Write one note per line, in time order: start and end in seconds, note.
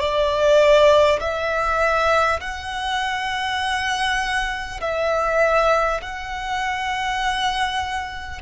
0.00 1.20 D5
1.21 2.41 E5
2.41 4.81 F#5
4.81 6.01 E5
6.02 8.42 F#5